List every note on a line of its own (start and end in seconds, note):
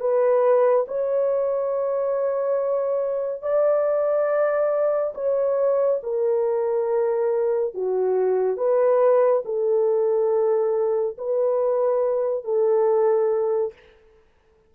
0.00 0.86 B4
0.88 3.42 C#5
3.42 5.14 D5
5.15 6.00 C#5
6.03 7.74 A#4
7.74 8.57 F#4
8.57 9.43 B4
9.45 11.17 A4
11.18 12.44 B4
12.44 13.73 A4